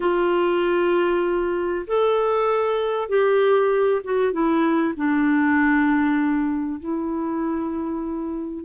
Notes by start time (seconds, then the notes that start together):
0.00 F4
1.87 A4
3.08 G4
4.04 F#4
4.32 E4
4.96 D4
6.80 E4